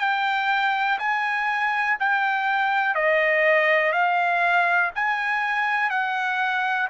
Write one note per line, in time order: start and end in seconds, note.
0.00 0.98 G5
0.99 1.97 G#5
2.00 2.95 G5
2.95 3.93 D#5
3.93 4.91 F5
4.95 5.90 G#5
5.90 6.89 F#5